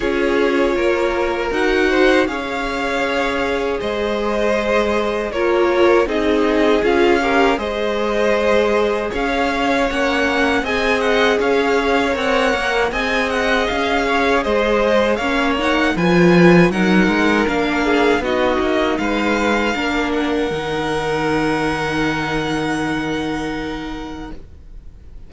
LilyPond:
<<
  \new Staff \with { instrumentName = "violin" } { \time 4/4 \tempo 4 = 79 cis''2 fis''4 f''4~ | f''4 dis''2 cis''4 | dis''4 f''4 dis''2 | f''4 fis''4 gis''8 fis''8 f''4 |
fis''4 gis''8 fis''8 f''4 dis''4 | f''8 fis''8 gis''4 fis''4 f''4 | dis''4 f''4. fis''4.~ | fis''1 | }
  \new Staff \with { instrumentName = "violin" } { \time 4/4 gis'4 ais'4. c''8 cis''4~ | cis''4 c''2 ais'4 | gis'4. ais'8 c''2 | cis''2 dis''4 cis''4~ |
cis''4 dis''4. cis''8 c''4 | cis''4 b'4 ais'4. gis'8 | fis'4 b'4 ais'2~ | ais'1 | }
  \new Staff \with { instrumentName = "viola" } { \time 4/4 f'2 fis'4 gis'4~ | gis'2. f'4 | dis'4 f'8 g'8 gis'2~ | gis'4 cis'4 gis'2 |
ais'4 gis'2. | cis'8 dis'8 f'4 dis'4 d'4 | dis'2 d'4 dis'4~ | dis'1 | }
  \new Staff \with { instrumentName = "cello" } { \time 4/4 cis'4 ais4 dis'4 cis'4~ | cis'4 gis2 ais4 | c'4 cis'4 gis2 | cis'4 ais4 c'4 cis'4 |
c'8 ais8 c'4 cis'4 gis4 | ais4 f4 fis8 gis8 ais4 | b8 ais8 gis4 ais4 dis4~ | dis1 | }
>>